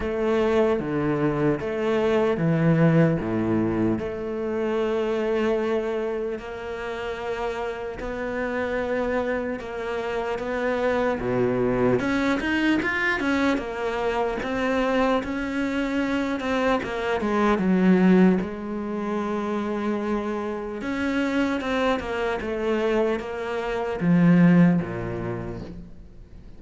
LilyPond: \new Staff \with { instrumentName = "cello" } { \time 4/4 \tempo 4 = 75 a4 d4 a4 e4 | a,4 a2. | ais2 b2 | ais4 b4 b,4 cis'8 dis'8 |
f'8 cis'8 ais4 c'4 cis'4~ | cis'8 c'8 ais8 gis8 fis4 gis4~ | gis2 cis'4 c'8 ais8 | a4 ais4 f4 ais,4 | }